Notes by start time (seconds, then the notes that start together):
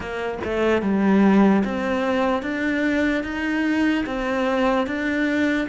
0.00 A#3
0.44 A3
0.81 G3
1.64 C4
2.42 D4
3.23 D#4
4.06 C4
4.86 D4